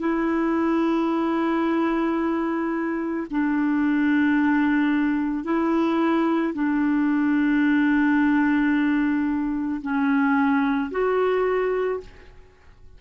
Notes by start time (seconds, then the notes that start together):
0.00 E4
3.31 D4
5.44 E4
6.54 D4
9.82 C#4
10.91 F#4